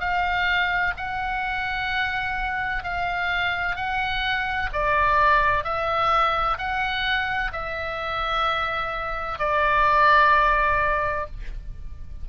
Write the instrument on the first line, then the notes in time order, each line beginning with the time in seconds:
oboe
0.00 F5
0.97 F#5
2.84 F5
3.76 F#5
4.73 D5
5.64 E5
6.58 F#5
7.53 E5
9.39 D5